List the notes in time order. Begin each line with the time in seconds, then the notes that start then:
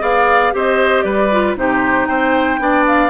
0.00 B3 G#4 D5 F5
0.52 C4 G4 C5 D#5
1.01 G3 B4 D5
1.31 F4
1.55 C3 D#4 G4 C5
2.06 C4 C5 G5
2.59 B3 D4 D5
2.86 F5